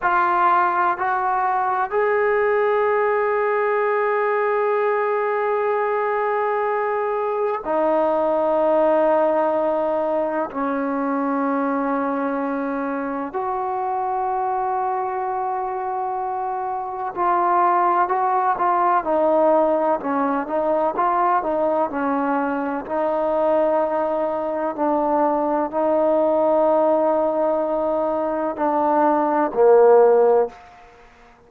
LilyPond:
\new Staff \with { instrumentName = "trombone" } { \time 4/4 \tempo 4 = 63 f'4 fis'4 gis'2~ | gis'1 | dis'2. cis'4~ | cis'2 fis'2~ |
fis'2 f'4 fis'8 f'8 | dis'4 cis'8 dis'8 f'8 dis'8 cis'4 | dis'2 d'4 dis'4~ | dis'2 d'4 ais4 | }